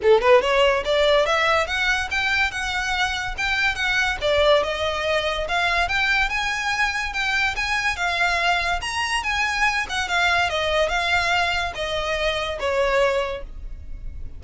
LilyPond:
\new Staff \with { instrumentName = "violin" } { \time 4/4 \tempo 4 = 143 a'8 b'8 cis''4 d''4 e''4 | fis''4 g''4 fis''2 | g''4 fis''4 d''4 dis''4~ | dis''4 f''4 g''4 gis''4~ |
gis''4 g''4 gis''4 f''4~ | f''4 ais''4 gis''4. fis''8 | f''4 dis''4 f''2 | dis''2 cis''2 | }